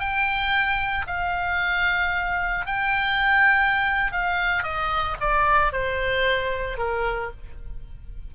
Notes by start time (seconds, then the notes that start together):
0.00 G5
1.07 F5
2.66 G5
4.12 F5
4.64 D#5
5.21 D5
5.73 C5
6.78 A#4